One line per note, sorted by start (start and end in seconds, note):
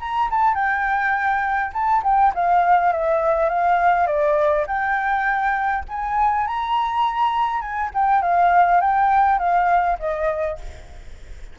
0.00 0.29 A#5
0.31 0.55 A5
0.55 1.73 G5
1.74 2.03 A5
2.04 2.33 G5
2.35 2.93 F5
2.93 3.50 E5
3.50 4.07 F5
4.07 4.66 D5
4.67 5.85 G5
5.89 6.47 G#5
6.47 7.61 A#5
7.61 7.91 G#5
7.94 8.23 G5
8.23 8.81 F5
8.81 9.40 G5
9.40 9.98 F5
10.00 10.59 D#5